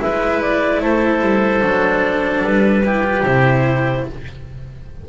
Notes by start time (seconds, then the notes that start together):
0.00 G#3 E4 B4 E5
0.42 D5
0.81 A3 A4 C5
1.21 G3
1.61 F#3 D4
2.44 G3 B4
2.85 E4 G4
3.04 F4
3.23 C3 E4 C5